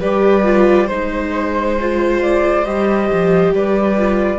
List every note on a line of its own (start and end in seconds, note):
0.00 0.90 G3
0.00 0.44 G4
0.00 0.87 B4
0.00 0.89 D5
0.44 0.88 F4
0.87 2.66 G#3
0.87 1.79 D#4
0.87 3.52 C5
0.87 2.21 C5
1.80 2.66 F4
2.22 2.65 D5
2.65 3.10 G3
2.65 3.98 G4
2.65 3.53 D#5
3.13 3.53 F3
3.53 4.40 G3
3.53 4.40 B4
3.53 4.40 D5
3.98 4.40 F4